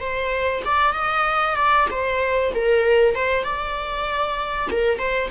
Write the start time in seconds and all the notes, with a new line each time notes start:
0.00 C5
0.65 D5
0.93 D#5
1.56 D5
1.90 C5
2.55 A#4
3.15 C5
3.43 D5
4.71 A#4
4.98 C5